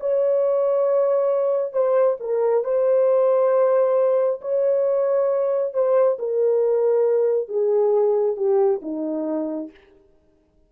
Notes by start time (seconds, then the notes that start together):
0.00 C#5
1.73 C5
2.20 A#4
2.64 C5
4.41 C#5
5.73 C5
6.18 A#4
7.48 G#4
8.36 G4
8.82 D#4